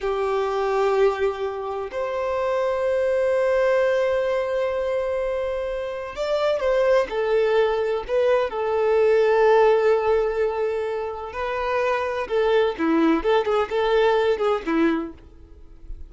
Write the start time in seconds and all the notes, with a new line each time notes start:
0.00 G4
1.91 C5
6.15 D5
6.59 C5
7.09 A4
8.07 B4
8.49 A4
11.33 B4
12.28 A4
12.78 E4
13.23 A4
13.45 G#4
13.69 A4
14.38 G#4
14.66 E4